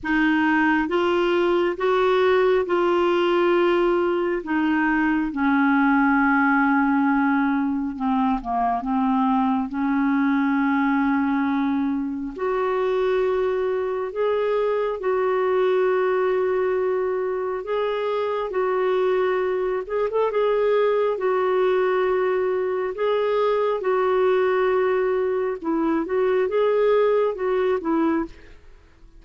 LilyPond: \new Staff \with { instrumentName = "clarinet" } { \time 4/4 \tempo 4 = 68 dis'4 f'4 fis'4 f'4~ | f'4 dis'4 cis'2~ | cis'4 c'8 ais8 c'4 cis'4~ | cis'2 fis'2 |
gis'4 fis'2. | gis'4 fis'4. gis'16 a'16 gis'4 | fis'2 gis'4 fis'4~ | fis'4 e'8 fis'8 gis'4 fis'8 e'8 | }